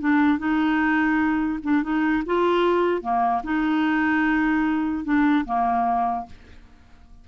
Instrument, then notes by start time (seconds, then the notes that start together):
clarinet
0.00 D4
0.38 D#4
1.63 D4
1.83 D#4
2.26 F4
3.02 A#3
3.44 D#4
5.04 D4
5.45 A#3